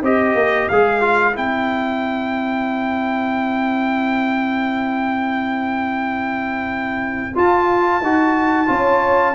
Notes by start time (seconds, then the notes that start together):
0.00 C4 G4 C5 D#5
0.35 A#3
0.69 G#3 G#4 F5
1.01 F4
1.34 C4 E4 G5
7.35 F4 A5
8.02 D#4 F#4
8.67 C#4 F4 C#5